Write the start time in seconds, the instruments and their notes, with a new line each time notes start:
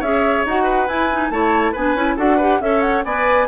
0.00 bassoon C#4, clarinet G#4, oboe C#5, flute E5
0.45 bassoon D#4, clarinet F#4, flute F#5
0.64 oboe B4
0.88 clarinet E4, bassoon E4, flute G#5
1.12 clarinet D#4
1.31 bassoon A3, clarinet E4, oboe C#5, flute A5
1.73 bassoon B3, clarinet D4, oboe B4, flute G#5
1.95 bassoon C#4, clarinet E4
2.16 bassoon D4, clarinet F#4, oboe A4, flute F#5
2.37 clarinet G4, oboe B4
2.60 bassoon C#4, clarinet A4, oboe C#5, flute E5
2.81 flute F#5
3.05 bassoon B3, clarinet B4, oboe D5, flute G#5